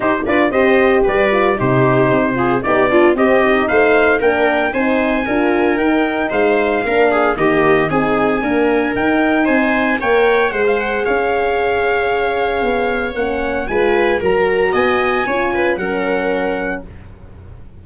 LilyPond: <<
  \new Staff \with { instrumentName = "trumpet" } { \time 4/4 \tempo 4 = 114 c''8 d''8 dis''4 d''4 c''4~ | c''4 d''4 dis''4 f''4 | g''4 gis''2 g''4 | f''2 dis''4 gis''4~ |
gis''4 g''4 gis''4 g''4 | fis''16 f''16 fis''8 f''2.~ | f''4 fis''4 gis''4 ais''4 | gis''2 fis''2 | }
  \new Staff \with { instrumentName = "viola" } { \time 4/4 g'8 b'8 c''4 b'4 g'4~ | g'8 gis'8 g'8 f'8 g'4 c''4 | ais'4 c''4 ais'2 | c''4 ais'8 gis'8 g'4 gis'4 |
ais'2 c''4 cis''4 | c''4 cis''2.~ | cis''2 b'4 ais'4 | dis''4 cis''8 b'8 ais'2 | }
  \new Staff \with { instrumentName = "horn" } { \time 4/4 dis'8 f'8 g'4. f'8 dis'4~ | dis'8 f'8 dis'8 d'8 c'8 dis'4. | d'4 dis'4 f'4 dis'4~ | dis'4 d'4 ais4 dis'4 |
ais4 dis'2 ais'4 | gis'1~ | gis'4 cis'4 f'4 fis'4~ | fis'4 f'4 cis'2 | }
  \new Staff \with { instrumentName = "tuba" } { \time 4/4 dis'8 d'8 c'4 g4 c4 | c'4 b4 c'4 a4 | ais4 c'4 d'4 dis'4 | gis4 ais4 dis4 c'4 |
d'4 dis'4 c'4 ais4 | gis4 cis'2. | b4 ais4 gis4 fis4 | b4 cis'4 fis2 | }
>>